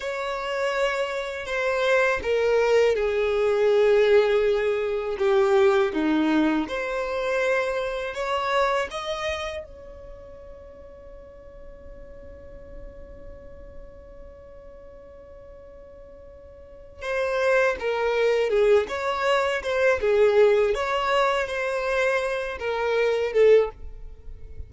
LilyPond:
\new Staff \with { instrumentName = "violin" } { \time 4/4 \tempo 4 = 81 cis''2 c''4 ais'4 | gis'2. g'4 | dis'4 c''2 cis''4 | dis''4 cis''2.~ |
cis''1~ | cis''2. c''4 | ais'4 gis'8 cis''4 c''8 gis'4 | cis''4 c''4. ais'4 a'8 | }